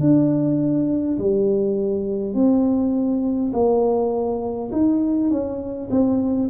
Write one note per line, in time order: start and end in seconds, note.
0.00 1.18 D4
1.18 2.34 G3
2.34 3.51 C4
3.53 4.71 A#3
4.72 5.30 D#4
5.30 5.89 C#4
5.90 6.49 C4